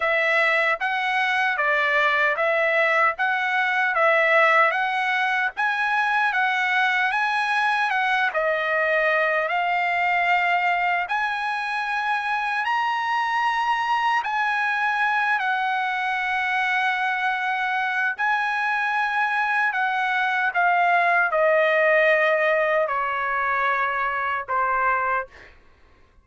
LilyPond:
\new Staff \with { instrumentName = "trumpet" } { \time 4/4 \tempo 4 = 76 e''4 fis''4 d''4 e''4 | fis''4 e''4 fis''4 gis''4 | fis''4 gis''4 fis''8 dis''4. | f''2 gis''2 |
ais''2 gis''4. fis''8~ | fis''2. gis''4~ | gis''4 fis''4 f''4 dis''4~ | dis''4 cis''2 c''4 | }